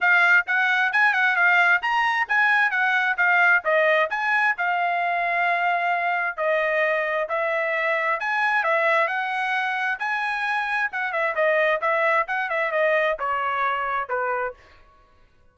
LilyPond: \new Staff \with { instrumentName = "trumpet" } { \time 4/4 \tempo 4 = 132 f''4 fis''4 gis''8 fis''8 f''4 | ais''4 gis''4 fis''4 f''4 | dis''4 gis''4 f''2~ | f''2 dis''2 |
e''2 gis''4 e''4 | fis''2 gis''2 | fis''8 e''8 dis''4 e''4 fis''8 e''8 | dis''4 cis''2 b'4 | }